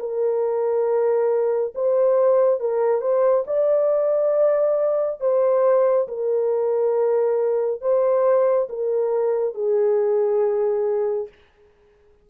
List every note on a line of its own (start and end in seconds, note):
0.00 1.74 A#4
1.75 2.60 C5
2.60 3.01 A#4
3.01 3.45 C5
3.47 5.21 D5
5.21 6.08 C5
6.08 7.81 A#4
7.81 8.68 C5
8.70 9.55 A#4
9.55 11.28 G#4